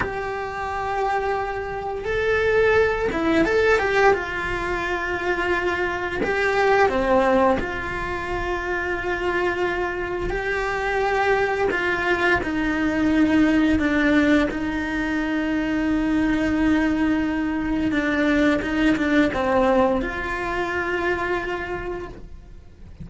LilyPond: \new Staff \with { instrumentName = "cello" } { \time 4/4 \tempo 4 = 87 g'2. a'4~ | a'8 e'8 a'8 g'8 f'2~ | f'4 g'4 c'4 f'4~ | f'2. g'4~ |
g'4 f'4 dis'2 | d'4 dis'2.~ | dis'2 d'4 dis'8 d'8 | c'4 f'2. | }